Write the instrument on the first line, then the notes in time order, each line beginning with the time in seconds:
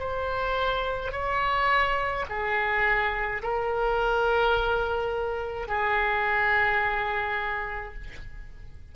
oboe
0.00 C5
1.12 C#5
2.30 G#4
3.43 A#4
5.69 G#4